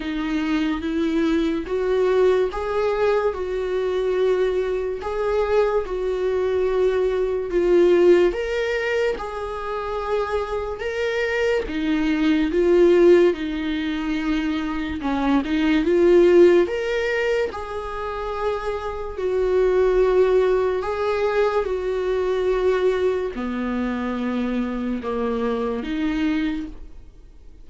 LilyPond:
\new Staff \with { instrumentName = "viola" } { \time 4/4 \tempo 4 = 72 dis'4 e'4 fis'4 gis'4 | fis'2 gis'4 fis'4~ | fis'4 f'4 ais'4 gis'4~ | gis'4 ais'4 dis'4 f'4 |
dis'2 cis'8 dis'8 f'4 | ais'4 gis'2 fis'4~ | fis'4 gis'4 fis'2 | b2 ais4 dis'4 | }